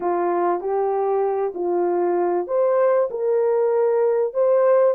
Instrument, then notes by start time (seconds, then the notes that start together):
horn
0.00 F4
0.60 G4
1.54 F4
2.47 C5
3.10 A#4
4.33 C5